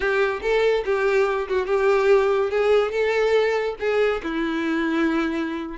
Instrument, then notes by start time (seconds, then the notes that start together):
violin
0.00 G4
0.42 A4
0.85 G4
1.48 F#4
1.66 G4
2.50 G#4
2.91 A4
3.79 G#4
4.23 E4